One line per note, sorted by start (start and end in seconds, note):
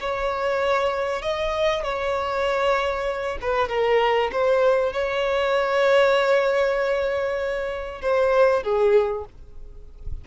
0.00 1.22 C#5
1.22 1.84 D#5
1.84 3.38 C#5
3.41 3.69 B4
3.69 4.31 A#4
4.32 4.93 C5
4.93 8.02 C#5
8.02 8.63 C5
8.63 9.25 G#4